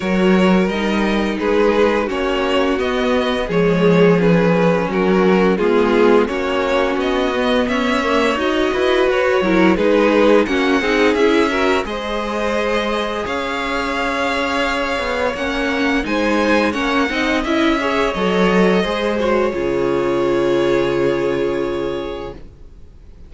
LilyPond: <<
  \new Staff \with { instrumentName = "violin" } { \time 4/4 \tempo 4 = 86 cis''4 dis''4 b'4 cis''4 | dis''4 cis''4 b'4 ais'4 | gis'4 cis''4 dis''4 e''4 | dis''4 cis''4 b'4 fis''4 |
e''4 dis''2 f''4~ | f''2 fis''4 gis''4 | fis''4 e''4 dis''4. cis''8~ | cis''1 | }
  \new Staff \with { instrumentName = "violin" } { \time 4/4 ais'2 gis'4 fis'4~ | fis'4 gis'2 fis'4 | f'4 fis'2 cis''4~ | cis''8 b'4 ais'8 gis'4 fis'8 gis'8~ |
gis'8 ais'8 c''2 cis''4~ | cis''2. c''4 | cis''8 dis''4 cis''4. c''4 | gis'1 | }
  \new Staff \with { instrumentName = "viola" } { \time 4/4 fis'4 dis'2 cis'4 | b4 gis4 cis'2 | b4 cis'4. b4 ais8 | fis'4. e'8 dis'4 cis'8 dis'8 |
e'8 fis'8 gis'2.~ | gis'2 cis'4 dis'4 | cis'8 dis'8 e'8 gis'8 a'4 gis'8 fis'8 | f'1 | }
  \new Staff \with { instrumentName = "cello" } { \time 4/4 fis4 g4 gis4 ais4 | b4 f2 fis4 | gis4 ais4 b4 cis'4 | dis'8 e'8 fis'8 fis8 gis4 ais8 c'8 |
cis'4 gis2 cis'4~ | cis'4. b8 ais4 gis4 | ais8 c'8 cis'4 fis4 gis4 | cis1 | }
>>